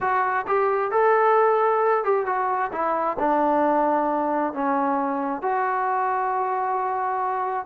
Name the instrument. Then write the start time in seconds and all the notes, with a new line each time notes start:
trombone
0.00 F#4
0.47 G4
0.91 A4
2.03 G4
2.26 F#4
2.72 E4
3.19 D4
4.53 C#4
5.41 F#4